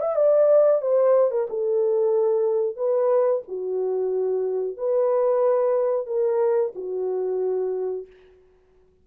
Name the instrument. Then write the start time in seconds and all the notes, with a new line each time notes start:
horn
0.00 E5
0.15 D5
0.81 C5
1.31 A#4
1.49 A4
2.76 B4
3.48 F#4
4.77 B4
6.06 A#4
6.75 F#4